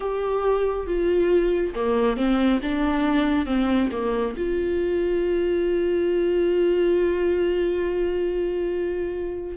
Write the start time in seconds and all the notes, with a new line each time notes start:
0.00 G4
0.87 F4
1.74 A#3
2.16 C4
2.62 D4
3.46 C4
3.91 A#3
4.36 F4